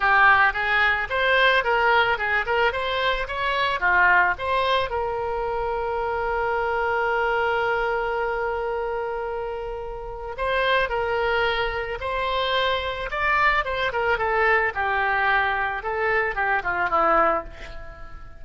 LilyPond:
\new Staff \with { instrumentName = "oboe" } { \time 4/4 \tempo 4 = 110 g'4 gis'4 c''4 ais'4 | gis'8 ais'8 c''4 cis''4 f'4 | c''4 ais'2.~ | ais'1~ |
ais'2. c''4 | ais'2 c''2 | d''4 c''8 ais'8 a'4 g'4~ | g'4 a'4 g'8 f'8 e'4 | }